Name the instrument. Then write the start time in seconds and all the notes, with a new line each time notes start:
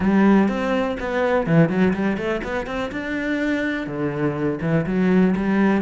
cello
0.00 G3
0.48 C4
0.99 B3
1.46 E3
1.69 F#3
1.93 G3
2.17 A3
2.43 B3
2.66 C4
2.91 D4
3.86 D3
4.61 E3
4.86 F#3
5.36 G3